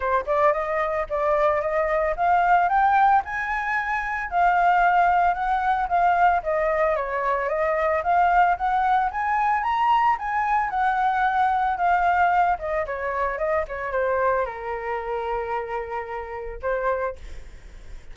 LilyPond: \new Staff \with { instrumentName = "flute" } { \time 4/4 \tempo 4 = 112 c''8 d''8 dis''4 d''4 dis''4 | f''4 g''4 gis''2 | f''2 fis''4 f''4 | dis''4 cis''4 dis''4 f''4 |
fis''4 gis''4 ais''4 gis''4 | fis''2 f''4. dis''8 | cis''4 dis''8 cis''8 c''4 ais'4~ | ais'2. c''4 | }